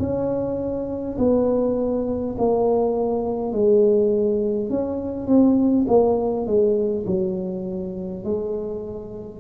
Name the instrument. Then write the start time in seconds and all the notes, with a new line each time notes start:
tuba
0.00 C#4
1.18 B3
2.39 A#3
3.53 G#3
4.70 C#4
5.27 C4
5.88 A#3
6.47 G#3
7.07 F#3
8.25 G#3